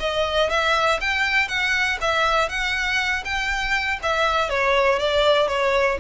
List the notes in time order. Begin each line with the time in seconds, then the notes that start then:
0.00 D#5
0.50 E5
1.01 G5
1.48 F#5
2.01 E5
2.49 F#5
3.25 G5
4.03 E5
4.50 C#5
4.99 D5
5.48 C#5